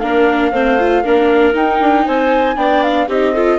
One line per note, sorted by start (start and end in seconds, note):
0.00 0.53 A#3
0.00 0.53 D4
0.00 0.52 A#4
0.00 1.54 F5
0.52 1.04 A3
0.52 0.79 C4
0.52 1.04 C5
0.79 1.04 F4
1.04 1.54 A#3
1.04 1.54 D4
1.04 2.05 A#4
1.54 2.56 D#4
1.54 1.80 D#4
1.54 2.07 G5
1.81 2.06 D4
2.05 2.57 C4
2.05 2.57 C5
2.05 2.58 G#5
2.56 3.08 B3
2.56 3.08 D4
2.56 3.08 D5
2.56 2.83 G5
2.83 3.09 F5
3.08 3.59 C4
3.08 3.36 D#4
3.08 3.33 G4
3.08 3.59 D#5
3.33 3.59 F4
3.33 3.59 A4